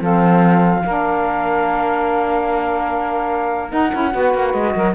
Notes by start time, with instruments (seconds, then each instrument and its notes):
0.00 cello F3, saxophone C4 A4, flute F5
0.85 cello A#3, saxophone D4 A#4
3.69 saxophone D#4, cello D#4, flute F#5
3.91 cello C#4, saxophone E4
4.11 cello B3, saxophone F#4 B4
4.33 cello A#3
4.52 cello G#3, flute D#5
4.74 cello F#3, saxophone A#4